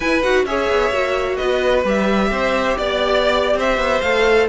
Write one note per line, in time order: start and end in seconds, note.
0.00 0.22 E4
0.00 0.23 E4
0.00 0.45 B4
0.00 0.22 G#5
0.22 0.45 D#4
0.22 0.46 F#4
0.22 0.45 F#5
0.45 0.68 C#4
0.45 0.92 G#4
0.45 1.36 C#5
0.45 1.36 E5
0.69 0.91 B3
0.91 1.37 A#3
0.91 1.85 F#4
1.36 1.84 B3
1.36 2.29 B4
1.36 1.82 D#5
1.84 2.30 G3
1.84 4.04 G4
1.84 2.77 E5
2.30 2.76 C4
2.30 2.77 C5
2.77 3.55 B3
2.77 3.56 D5
2.77 3.58 D5
3.55 3.77 C4
3.55 4.48 C5
3.55 4.01 E5
3.77 4.00 B3
4.01 4.48 A3
4.01 4.48 A4
4.01 4.47 F5